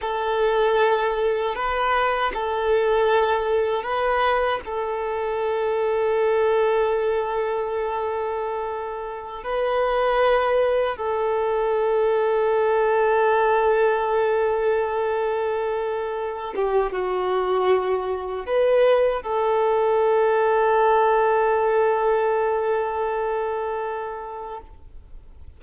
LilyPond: \new Staff \with { instrumentName = "violin" } { \time 4/4 \tempo 4 = 78 a'2 b'4 a'4~ | a'4 b'4 a'2~ | a'1~ | a'16 b'2 a'4.~ a'16~ |
a'1~ | a'4. g'8 fis'2 | b'4 a'2.~ | a'1 | }